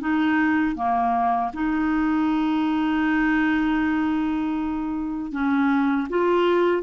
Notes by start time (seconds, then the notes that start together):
0.00 D#4
0.76 A#3
1.53 D#4
5.32 C#4
6.09 F4